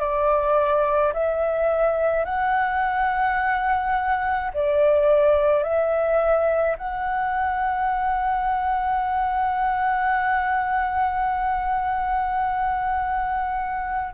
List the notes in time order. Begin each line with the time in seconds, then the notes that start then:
0.00 D5
1.13 E5
2.25 F#5
4.54 D5
5.63 E5
6.78 F#5